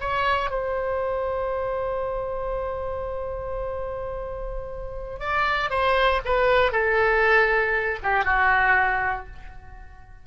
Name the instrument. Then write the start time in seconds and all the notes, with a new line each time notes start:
oboe
0.00 C#5
0.51 C5
5.20 D5
5.70 C5
6.25 B4
6.72 A4
8.03 G4
8.24 F#4